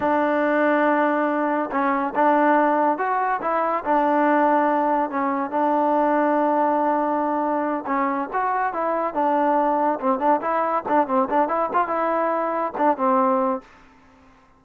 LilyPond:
\new Staff \with { instrumentName = "trombone" } { \time 4/4 \tempo 4 = 141 d'1 | cis'4 d'2 fis'4 | e'4 d'2. | cis'4 d'2.~ |
d'2~ d'8 cis'4 fis'8~ | fis'8 e'4 d'2 c'8 | d'8 e'4 d'8 c'8 d'8 e'8 f'8 | e'2 d'8 c'4. | }